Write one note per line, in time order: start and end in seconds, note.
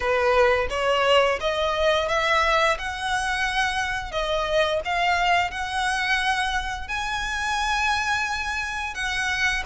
0.00 0.67 B4
0.70 1.39 C#5
1.40 2.08 D#5
2.08 2.77 E5
2.78 4.11 F#5
4.11 4.80 D#5
4.84 5.50 F5
5.50 6.88 F#5
6.88 8.94 G#5
8.94 9.63 F#5